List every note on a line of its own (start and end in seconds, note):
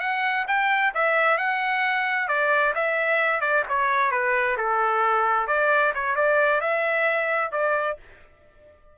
0.00 0.45 F#5
0.48 0.93 G5
0.94 1.38 E5
1.38 2.28 F#5
2.28 2.74 D5
2.75 3.41 E5
3.41 3.64 D5
3.69 4.11 C#5
4.11 4.57 B4
4.57 5.47 A4
5.47 5.93 D5
5.94 6.15 C#5
6.15 6.61 D5
6.61 7.51 E5
7.51 7.97 D5